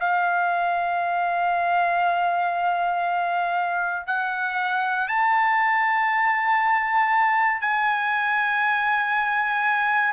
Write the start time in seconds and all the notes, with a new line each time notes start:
0.00 F5
4.07 F#5
5.08 A5
7.61 G#5